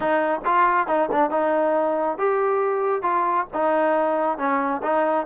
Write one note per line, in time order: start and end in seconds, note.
0.00 0.40 D#4
0.45 0.87 F4
0.87 1.09 D#4
1.12 1.30 D4
1.30 2.17 D#4
2.17 3.02 G4
3.02 3.46 F4
3.53 4.38 D#4
4.38 4.81 C#4
4.82 5.26 D#4